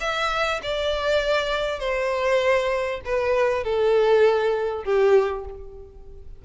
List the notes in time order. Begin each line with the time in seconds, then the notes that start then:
0.00 E5
0.62 D5
1.79 C5
3.05 B4
3.63 A4
4.84 G4